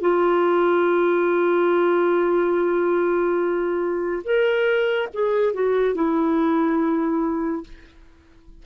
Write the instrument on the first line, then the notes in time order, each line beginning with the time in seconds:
clarinet
0.00 F4
4.23 A#4
5.13 G#4
5.53 F#4
5.94 E4